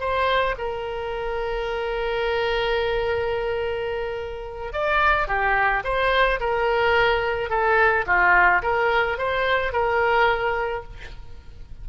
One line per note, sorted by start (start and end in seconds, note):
0.00 0.56 C5
0.58 4.73 A#4
4.73 5.28 D5
5.28 5.83 G4
5.84 6.40 C5
6.40 7.50 A#4
7.50 8.05 A4
8.07 8.62 F4
8.63 9.18 A#4
9.18 9.72 C5
9.72 10.84 A#4